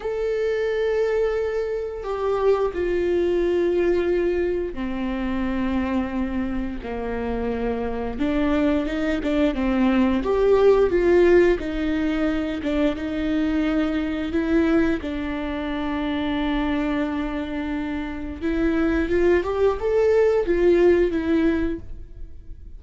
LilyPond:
\new Staff \with { instrumentName = "viola" } { \time 4/4 \tempo 4 = 88 a'2. g'4 | f'2. c'4~ | c'2 ais2 | d'4 dis'8 d'8 c'4 g'4 |
f'4 dis'4. d'8 dis'4~ | dis'4 e'4 d'2~ | d'2. e'4 | f'8 g'8 a'4 f'4 e'4 | }